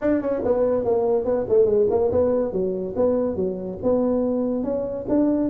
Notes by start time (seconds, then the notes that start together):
0.01 D4
0.21 C#4
0.45 B3
0.85 A#3
1.24 B3
1.48 A3
1.65 G#3
1.90 A#3
2.11 B3
2.52 F#3
2.96 B3
3.36 F#3
3.82 B3
4.63 C#4
5.08 D4